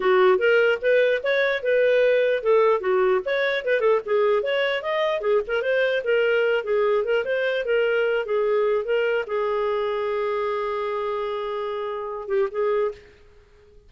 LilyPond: \new Staff \with { instrumentName = "clarinet" } { \time 4/4 \tempo 4 = 149 fis'4 ais'4 b'4 cis''4 | b'2 a'4 fis'4 | cis''4 b'8 a'8 gis'4 cis''4 | dis''4 gis'8 ais'8 c''4 ais'4~ |
ais'8 gis'4 ais'8 c''4 ais'4~ | ais'8 gis'4. ais'4 gis'4~ | gis'1~ | gis'2~ gis'8 g'8 gis'4 | }